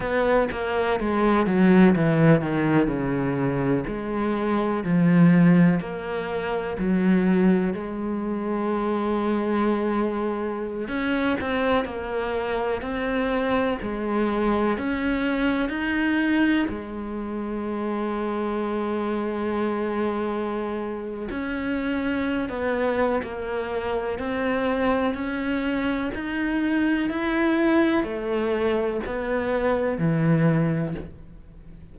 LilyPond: \new Staff \with { instrumentName = "cello" } { \time 4/4 \tempo 4 = 62 b8 ais8 gis8 fis8 e8 dis8 cis4 | gis4 f4 ais4 fis4 | gis2.~ gis16 cis'8 c'16~ | c'16 ais4 c'4 gis4 cis'8.~ |
cis'16 dis'4 gis2~ gis8.~ | gis2 cis'4~ cis'16 b8. | ais4 c'4 cis'4 dis'4 | e'4 a4 b4 e4 | }